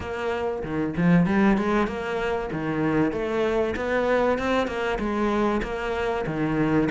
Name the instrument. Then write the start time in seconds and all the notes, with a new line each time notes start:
cello
0.00 A#3
0.63 D#3
0.96 F3
1.26 G3
1.57 G#3
1.87 A#3
2.52 D#3
3.12 A3
3.76 B3
4.38 C4
4.67 A#3
4.99 G#3
5.62 A#3
6.26 D#3